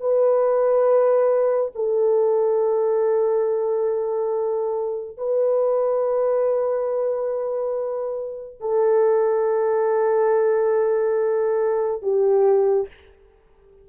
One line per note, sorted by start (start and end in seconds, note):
0.00 1.71 B4
1.75 5.17 A4
5.17 8.60 B4
8.60 12.02 A4
12.02 12.88 G4